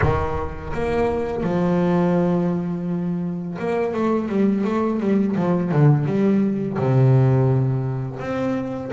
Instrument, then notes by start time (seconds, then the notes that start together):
double bass
0.01 D#3
0.73 A#3
1.43 F3
3.58 A#3
3.93 A3
4.29 G3
4.64 A3
5.00 G3
5.35 F3
5.71 D3
6.06 G3
6.78 C3
8.19 C4